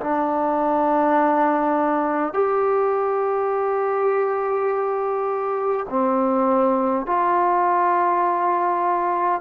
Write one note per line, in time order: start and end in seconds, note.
0.00 2.34 D4
2.34 5.87 G4
5.89 7.06 C4
7.06 9.41 F4